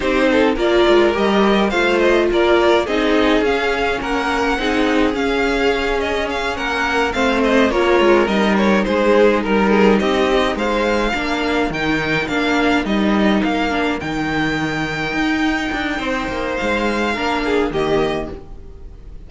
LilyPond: <<
  \new Staff \with { instrumentName = "violin" } { \time 4/4 \tempo 4 = 105 c''4 d''4 dis''4 f''8 dis''8 | d''4 dis''4 f''4 fis''4~ | fis''4 f''4. dis''8 f''8 fis''8~ | fis''8 f''8 dis''8 cis''4 dis''8 cis''8 c''8~ |
c''8 ais'4 dis''4 f''4.~ | f''8 g''4 f''4 dis''4 f''8~ | f''8 g''2.~ g''8~ | g''4 f''2 dis''4 | }
  \new Staff \with { instrumentName = "violin" } { \time 4/4 g'8 a'8 ais'2 c''4 | ais'4 gis'2 ais'4 | gis'2.~ gis'8 ais'8~ | ais'8 c''4 ais'2 gis'8~ |
gis'8 ais'8 gis'8 g'4 c''4 ais'8~ | ais'1~ | ais'1 | c''2 ais'8 gis'8 g'4 | }
  \new Staff \with { instrumentName = "viola" } { \time 4/4 dis'4 f'4 g'4 f'4~ | f'4 dis'4 cis'2 | dis'4 cis'2.~ | cis'8 c'4 f'4 dis'4.~ |
dis'2.~ dis'8 d'8~ | d'8 dis'4 d'4 dis'4. | d'8 dis'2.~ dis'8~ | dis'2 d'4 ais4 | }
  \new Staff \with { instrumentName = "cello" } { \time 4/4 c'4 ais8 gis8 g4 a4 | ais4 c'4 cis'4 ais4 | c'4 cis'2~ cis'8 ais8~ | ais8 a4 ais8 gis8 g4 gis8~ |
gis8 g4 c'4 gis4 ais8~ | ais8 dis4 ais4 g4 ais8~ | ais8 dis2 dis'4 d'8 | c'8 ais8 gis4 ais4 dis4 | }
>>